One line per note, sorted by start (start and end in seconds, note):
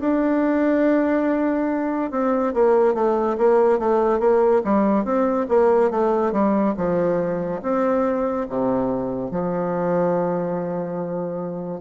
0.00 2.11 D4
2.11 2.54 C4
2.54 2.94 A#3
2.94 3.36 A3
3.38 3.79 A#3
3.79 4.19 A3
4.19 4.62 A#3
4.64 5.05 G3
5.05 5.47 C4
5.49 5.90 A#3
5.90 6.32 A3
6.32 6.75 G3
6.77 7.62 F3
7.62 8.47 C4
8.49 9.31 C3
9.31 11.80 F3